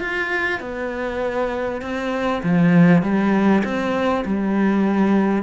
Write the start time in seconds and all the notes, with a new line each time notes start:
0.00 F4
0.60 B3
1.82 C4
2.44 F3
3.02 G3
3.64 C4
4.26 G3